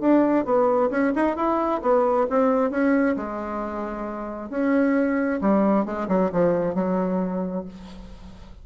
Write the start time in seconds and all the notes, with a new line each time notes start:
0.00 D4
0.44 B3
0.90 C#4
1.15 D#4
1.36 E4
1.81 B3
2.29 C4
2.70 C#4
3.16 G#3
4.49 C#4
5.41 G3
5.85 G#3
6.08 F#3
6.32 F3
6.74 F#3